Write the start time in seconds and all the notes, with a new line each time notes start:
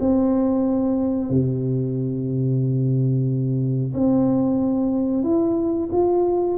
0.00 C4
1.30 C3
3.94 C4
5.24 E4
5.92 F4